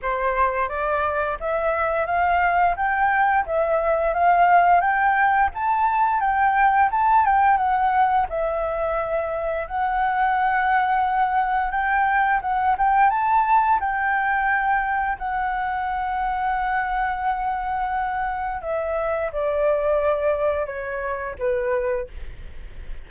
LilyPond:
\new Staff \with { instrumentName = "flute" } { \time 4/4 \tempo 4 = 87 c''4 d''4 e''4 f''4 | g''4 e''4 f''4 g''4 | a''4 g''4 a''8 g''8 fis''4 | e''2 fis''2~ |
fis''4 g''4 fis''8 g''8 a''4 | g''2 fis''2~ | fis''2. e''4 | d''2 cis''4 b'4 | }